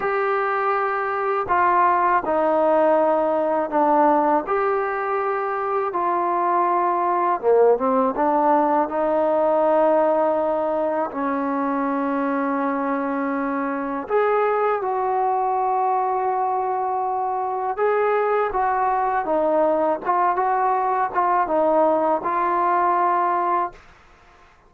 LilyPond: \new Staff \with { instrumentName = "trombone" } { \time 4/4 \tempo 4 = 81 g'2 f'4 dis'4~ | dis'4 d'4 g'2 | f'2 ais8 c'8 d'4 | dis'2. cis'4~ |
cis'2. gis'4 | fis'1 | gis'4 fis'4 dis'4 f'8 fis'8~ | fis'8 f'8 dis'4 f'2 | }